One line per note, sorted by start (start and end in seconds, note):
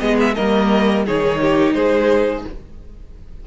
0.00 0.37 G#3
0.00 0.35 B3
0.00 0.36 G#4
0.00 0.17 D#5
0.21 0.35 E5
0.35 1.09 G3
0.35 1.07 A#3
0.35 1.06 A#4
0.35 1.05 D#5
1.06 1.75 D#3
1.06 2.47 D#4
1.06 1.41 G#4
1.06 1.74 C#5
1.41 1.76 G4
1.74 2.45 G#3
1.74 2.46 G#4
1.74 2.44 C5